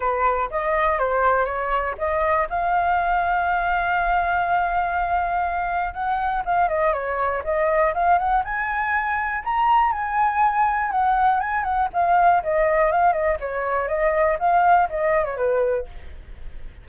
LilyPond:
\new Staff \with { instrumentName = "flute" } { \time 4/4 \tempo 4 = 121 b'4 dis''4 c''4 cis''4 | dis''4 f''2.~ | f''1 | fis''4 f''8 dis''8 cis''4 dis''4 |
f''8 fis''8 gis''2 ais''4 | gis''2 fis''4 gis''8 fis''8 | f''4 dis''4 f''8 dis''8 cis''4 | dis''4 f''4 dis''8. cis''16 b'4 | }